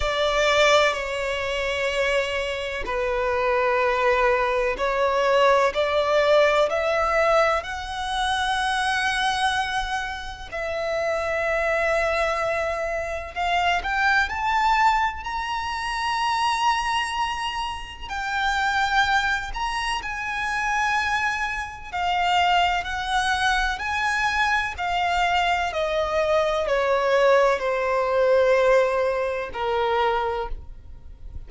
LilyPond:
\new Staff \with { instrumentName = "violin" } { \time 4/4 \tempo 4 = 63 d''4 cis''2 b'4~ | b'4 cis''4 d''4 e''4 | fis''2. e''4~ | e''2 f''8 g''8 a''4 |
ais''2. g''4~ | g''8 ais''8 gis''2 f''4 | fis''4 gis''4 f''4 dis''4 | cis''4 c''2 ais'4 | }